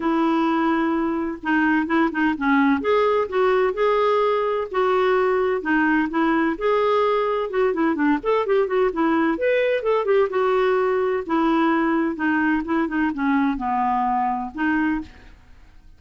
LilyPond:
\new Staff \with { instrumentName = "clarinet" } { \time 4/4 \tempo 4 = 128 e'2. dis'4 | e'8 dis'8 cis'4 gis'4 fis'4 | gis'2 fis'2 | dis'4 e'4 gis'2 |
fis'8 e'8 d'8 a'8 g'8 fis'8 e'4 | b'4 a'8 g'8 fis'2 | e'2 dis'4 e'8 dis'8 | cis'4 b2 dis'4 | }